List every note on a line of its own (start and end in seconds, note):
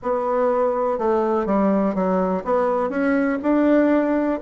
0.02 0.98 B3
0.98 1.45 A3
1.45 1.94 G3
1.94 2.43 F#3
2.44 2.89 B3
2.89 3.38 C#4
3.42 4.39 D4